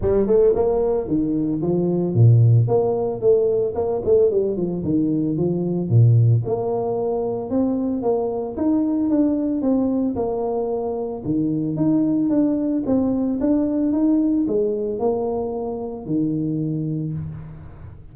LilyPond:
\new Staff \with { instrumentName = "tuba" } { \time 4/4 \tempo 4 = 112 g8 a8 ais4 dis4 f4 | ais,4 ais4 a4 ais8 a8 | g8 f8 dis4 f4 ais,4 | ais2 c'4 ais4 |
dis'4 d'4 c'4 ais4~ | ais4 dis4 dis'4 d'4 | c'4 d'4 dis'4 gis4 | ais2 dis2 | }